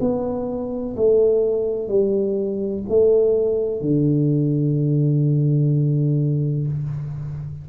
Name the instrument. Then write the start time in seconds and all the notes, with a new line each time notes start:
tuba
0.00 B3
0.96 A3
1.88 G3
2.88 A3
3.81 D3